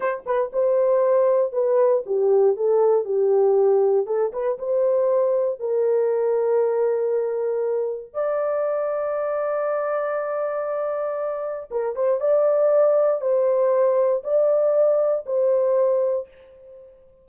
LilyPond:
\new Staff \with { instrumentName = "horn" } { \time 4/4 \tempo 4 = 118 c''8 b'8 c''2 b'4 | g'4 a'4 g'2 | a'8 b'8 c''2 ais'4~ | ais'1 |
d''1~ | d''2. ais'8 c''8 | d''2 c''2 | d''2 c''2 | }